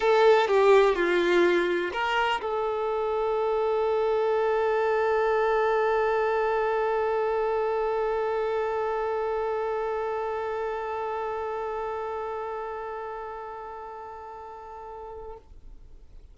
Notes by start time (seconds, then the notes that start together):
0.00 A4
0.47 G4
0.95 F4
1.92 A#4
2.41 A4